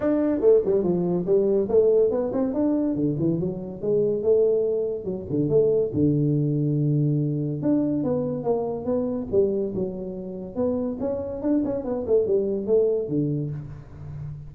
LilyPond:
\new Staff \with { instrumentName = "tuba" } { \time 4/4 \tempo 4 = 142 d'4 a8 g8 f4 g4 | a4 b8 c'8 d'4 d8 e8 | fis4 gis4 a2 | fis8 d8 a4 d2~ |
d2 d'4 b4 | ais4 b4 g4 fis4~ | fis4 b4 cis'4 d'8 cis'8 | b8 a8 g4 a4 d4 | }